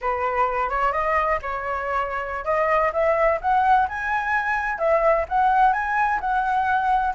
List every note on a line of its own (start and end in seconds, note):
0.01 0.69 B4
0.69 0.92 C#5
0.92 1.39 D#5
1.42 2.44 C#5
2.44 2.91 D#5
2.93 3.39 E5
3.41 3.88 F#5
3.88 4.78 G#5
4.78 5.25 E5
5.28 5.72 F#5
5.72 6.19 G#5
6.20 7.14 F#5